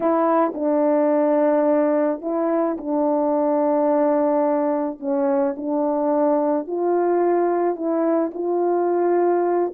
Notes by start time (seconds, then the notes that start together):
0.00 E4
0.54 D4
2.21 E4
2.77 D4
4.99 C#4
5.57 D4
6.67 F4
7.75 E4
8.34 F4